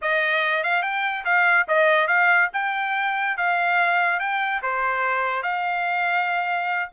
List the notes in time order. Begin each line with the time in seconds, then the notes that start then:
0.01 D#5
0.63 F5
0.82 G5
1.25 F5
1.68 D#5
2.07 F5
2.53 G5
3.37 F5
4.19 G5
4.62 C5
5.42 F5